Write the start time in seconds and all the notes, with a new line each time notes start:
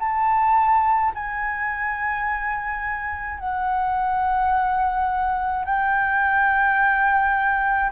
0.00 A5
1.15 G#5
3.39 F#5
5.66 G5